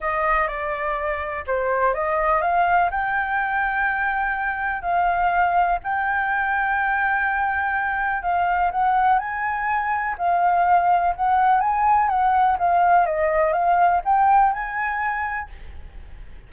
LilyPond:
\new Staff \with { instrumentName = "flute" } { \time 4/4 \tempo 4 = 124 dis''4 d''2 c''4 | dis''4 f''4 g''2~ | g''2 f''2 | g''1~ |
g''4 f''4 fis''4 gis''4~ | gis''4 f''2 fis''4 | gis''4 fis''4 f''4 dis''4 | f''4 g''4 gis''2 | }